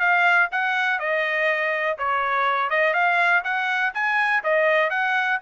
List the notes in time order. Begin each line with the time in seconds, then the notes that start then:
0.00 F5
0.52 F#5
1.00 D#5
1.99 C#5
2.70 D#5
2.94 F5
3.44 F#5
3.94 G#5
4.44 D#5
4.90 F#5